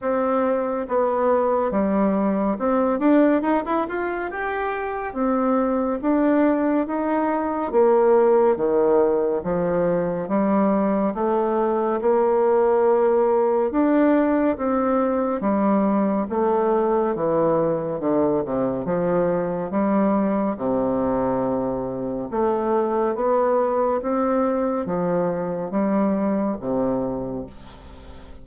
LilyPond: \new Staff \with { instrumentName = "bassoon" } { \time 4/4 \tempo 4 = 70 c'4 b4 g4 c'8 d'8 | dis'16 e'16 f'8 g'4 c'4 d'4 | dis'4 ais4 dis4 f4 | g4 a4 ais2 |
d'4 c'4 g4 a4 | e4 d8 c8 f4 g4 | c2 a4 b4 | c'4 f4 g4 c4 | }